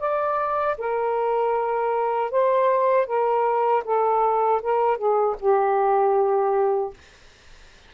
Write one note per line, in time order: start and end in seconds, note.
0.00 0.77 D5
0.78 2.31 A#4
2.31 3.07 C5
3.07 3.84 A#4
3.85 4.62 A4
4.63 4.98 A#4
4.98 5.36 G#4
5.40 6.94 G4